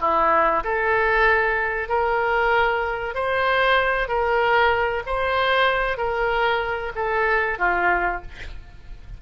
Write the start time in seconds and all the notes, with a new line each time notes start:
0.00 E4
0.63 A4
1.88 A#4
3.15 C5
4.08 A#4
5.06 C5
5.97 A#4
6.95 A4
7.58 F4